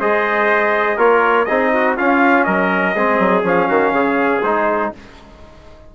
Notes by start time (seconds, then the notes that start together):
0.00 G#3 G#4 C5 D#5
0.97 A#3 F4 A#4 C#5
1.46 C4 D#4 G#4 D#5
1.75 F#4
1.98 C#4 F4 F5
2.45 F#3 A#4 D#5
2.96 G#3 C4 G#4
3.19 F#3
3.44 F3 C#4 F5
3.68 D#3 F#4
3.93 C#3 G#4
4.43 G#3 D#4 C5